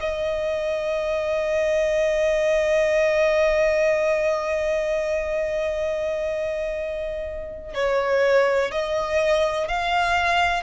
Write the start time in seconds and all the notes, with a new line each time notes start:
0.00 D#5
7.74 C#5
8.71 D#5
9.68 F5